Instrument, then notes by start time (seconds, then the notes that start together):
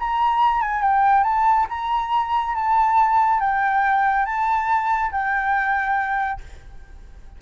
flute
0.00 A#5
0.62 G#5
0.82 G5
1.24 A5
1.70 A#5
2.55 A5
3.41 G5
4.26 A5
5.12 G5